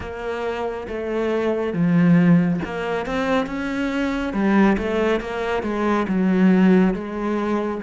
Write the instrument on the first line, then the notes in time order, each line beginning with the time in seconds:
cello
0.00 A#3
0.87 A3
1.73 F3
2.64 A#3
3.06 C4
3.46 C#4
4.33 G3
4.77 A3
5.20 A#3
5.62 G#3
6.08 F#3
6.94 G#3